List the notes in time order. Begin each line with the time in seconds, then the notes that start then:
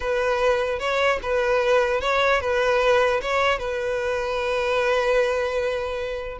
0.00 B4
0.79 C#5
1.22 B4
2.00 C#5
2.41 B4
3.21 C#5
3.58 B4